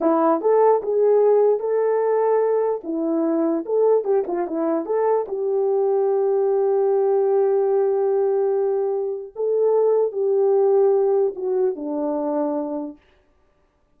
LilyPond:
\new Staff \with { instrumentName = "horn" } { \time 4/4 \tempo 4 = 148 e'4 a'4 gis'2 | a'2. e'4~ | e'4 a'4 g'8 f'8 e'4 | a'4 g'2.~ |
g'1~ | g'2. a'4~ | a'4 g'2. | fis'4 d'2. | }